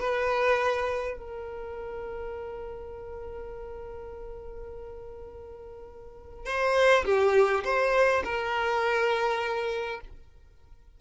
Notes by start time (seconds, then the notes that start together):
0.00 B4
1.17 A#4
6.46 C5
7.05 G4
7.64 C5
8.24 A#4